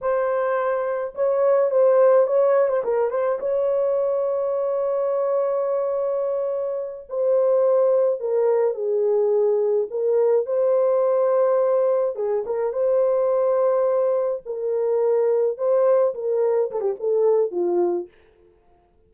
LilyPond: \new Staff \with { instrumentName = "horn" } { \time 4/4 \tempo 4 = 106 c''2 cis''4 c''4 | cis''8. c''16 ais'8 c''8 cis''2~ | cis''1~ | cis''8 c''2 ais'4 gis'8~ |
gis'4. ais'4 c''4.~ | c''4. gis'8 ais'8 c''4.~ | c''4. ais'2 c''8~ | c''8 ais'4 a'16 g'16 a'4 f'4 | }